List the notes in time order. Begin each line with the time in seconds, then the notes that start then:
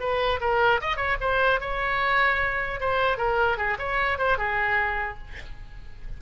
0.00 B4
0.41 A#4
0.81 D#5
0.97 C#5
1.21 C5
1.61 C#5
2.81 C5
3.18 A#4
3.58 G#4
3.79 C#5
4.19 C5
4.38 G#4